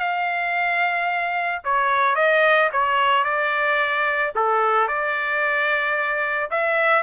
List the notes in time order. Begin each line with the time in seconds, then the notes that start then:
0.00 F5
1.65 C#5
2.16 D#5
2.72 C#5
3.25 D5
4.36 A4
4.88 D5
6.51 E5